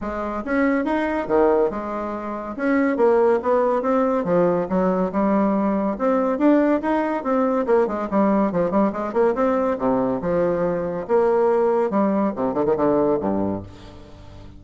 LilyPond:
\new Staff \with { instrumentName = "bassoon" } { \time 4/4 \tempo 4 = 141 gis4 cis'4 dis'4 dis4 | gis2 cis'4 ais4 | b4 c'4 f4 fis4 | g2 c'4 d'4 |
dis'4 c'4 ais8 gis8 g4 | f8 g8 gis8 ais8 c'4 c4 | f2 ais2 | g4 c8 d16 dis16 d4 g,4 | }